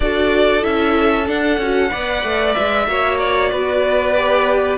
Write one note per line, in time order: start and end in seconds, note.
0.00 0.63 D4
0.00 0.61 F#4
0.00 1.90 A4
0.00 0.63 D5
0.61 1.28 C#4
0.61 1.25 E4
0.61 1.27 E5
1.26 1.58 D4
1.26 2.53 F#5
1.58 1.89 C#4
1.58 1.89 F#4
1.89 2.23 B3
1.89 2.85 B4
1.89 2.86 D5
2.23 2.55 A3
2.53 2.87 G#3
2.53 3.17 E5
2.87 3.51 A#3
2.87 4.14 F#4
2.87 3.51 C#5
3.18 4.77 D5
3.51 4.77 B3
3.51 4.77 B4
4.14 4.77 G4